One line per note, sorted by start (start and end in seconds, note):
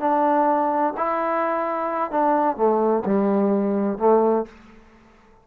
0.00 0.94 D4
0.97 2.11 E4
2.11 2.56 D4
2.56 3.03 A3
3.05 3.98 G3
3.98 4.45 A3